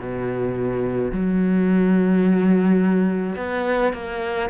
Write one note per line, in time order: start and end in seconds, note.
0.00 1.12 B2
1.12 3.37 F#3
3.37 3.93 B3
3.93 4.50 A#3